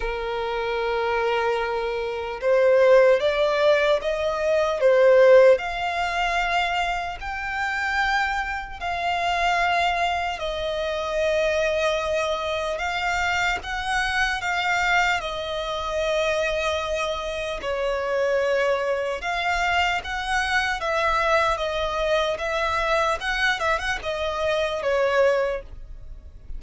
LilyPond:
\new Staff \with { instrumentName = "violin" } { \time 4/4 \tempo 4 = 75 ais'2. c''4 | d''4 dis''4 c''4 f''4~ | f''4 g''2 f''4~ | f''4 dis''2. |
f''4 fis''4 f''4 dis''4~ | dis''2 cis''2 | f''4 fis''4 e''4 dis''4 | e''4 fis''8 e''16 fis''16 dis''4 cis''4 | }